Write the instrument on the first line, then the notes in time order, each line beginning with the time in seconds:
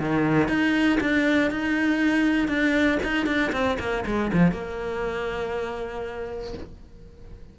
cello
0.00 D#3
0.49 D#4
1.01 D4
1.51 D#4
2.48 D4
3.03 D#4
3.27 D4
3.52 C4
3.79 A#3
4.06 G#3
4.33 F3
4.52 A#3